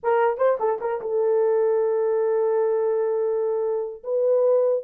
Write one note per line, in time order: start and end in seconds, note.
0.03 0.37 A#4
0.37 0.57 C5
0.59 0.79 A4
0.80 1.00 A#4
1.01 4.03 A4
4.03 4.83 B4